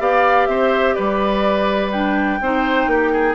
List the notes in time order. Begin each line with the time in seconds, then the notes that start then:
0.00 B3 G4 D5 F5
0.47 C4 C5 E5
0.94 G3 B4 D5
1.92 D4 G5
2.41 C4 D#4 C5
2.87 A#3 G4
3.13 G#4